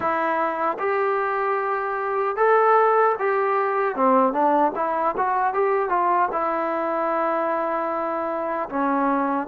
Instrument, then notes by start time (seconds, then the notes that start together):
trombone
0.00 E4
0.78 G4
2.36 A4
3.19 G4
3.95 C4
4.32 D4
4.75 E4
5.17 F#4
5.53 G4
5.89 F4
6.32 E4
8.69 C#4